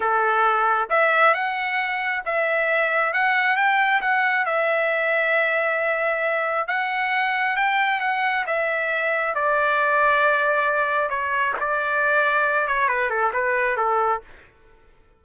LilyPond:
\new Staff \with { instrumentName = "trumpet" } { \time 4/4 \tempo 4 = 135 a'2 e''4 fis''4~ | fis''4 e''2 fis''4 | g''4 fis''4 e''2~ | e''2. fis''4~ |
fis''4 g''4 fis''4 e''4~ | e''4 d''2.~ | d''4 cis''4 d''2~ | d''8 cis''8 b'8 a'8 b'4 a'4 | }